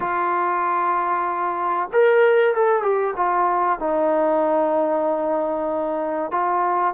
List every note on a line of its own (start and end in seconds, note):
0.00 1.89 F4
1.92 2.54 A#4
2.54 2.82 A4
2.82 3.14 G4
3.16 3.79 F4
3.79 6.31 D#4
6.31 6.94 F4